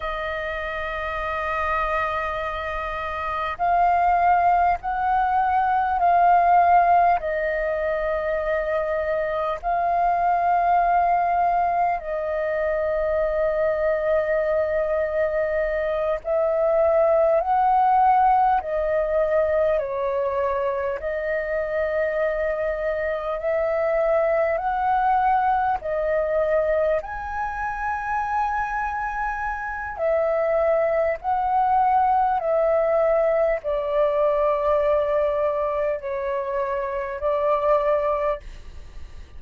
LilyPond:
\new Staff \with { instrumentName = "flute" } { \time 4/4 \tempo 4 = 50 dis''2. f''4 | fis''4 f''4 dis''2 | f''2 dis''2~ | dis''4. e''4 fis''4 dis''8~ |
dis''8 cis''4 dis''2 e''8~ | e''8 fis''4 dis''4 gis''4.~ | gis''4 e''4 fis''4 e''4 | d''2 cis''4 d''4 | }